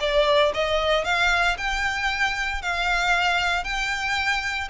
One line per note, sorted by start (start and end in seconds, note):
0.00 0.52 D5
0.54 1.04 D#5
1.04 1.57 F5
1.57 2.62 G5
2.62 3.64 F5
3.64 4.68 G5